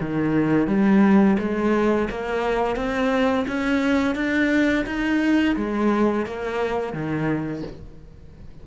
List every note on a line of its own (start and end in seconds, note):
0.00 0.67 D#3
0.67 1.37 G3
1.39 2.08 G#3
2.10 2.76 A#3
2.76 3.45 C4
3.47 4.15 C#4
4.15 4.85 D4
4.86 5.55 D#4
5.56 6.25 G#3
6.26 6.93 A#3
6.93 7.63 D#3